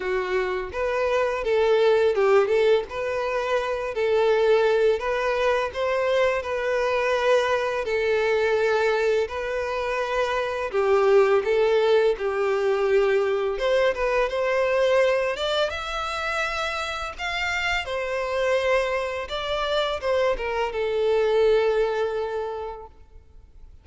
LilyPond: \new Staff \with { instrumentName = "violin" } { \time 4/4 \tempo 4 = 84 fis'4 b'4 a'4 g'8 a'8 | b'4. a'4. b'4 | c''4 b'2 a'4~ | a'4 b'2 g'4 |
a'4 g'2 c''8 b'8 | c''4. d''8 e''2 | f''4 c''2 d''4 | c''8 ais'8 a'2. | }